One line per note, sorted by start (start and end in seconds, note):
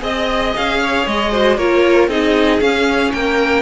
0.00 0.53 C4
0.00 1.29 G#4
0.00 0.80 D#5
0.00 0.55 D#5
0.56 1.06 C#4
0.56 1.07 F5
0.80 1.31 C#5
1.06 1.57 G#3
1.06 1.57 D#5
1.31 1.57 F#4
1.31 1.57 C5
1.57 2.08 A#3
1.57 2.09 F4
1.57 2.09 A#4
1.57 2.09 C#5
2.08 2.59 C4
2.08 2.60 D#4
2.08 3.12 G#4
2.08 2.60 D#5
2.60 3.62 C#4
2.60 3.12 C#4
2.60 3.12 F5
3.12 3.62 A#3
3.12 3.62 A#4
3.12 3.62 G5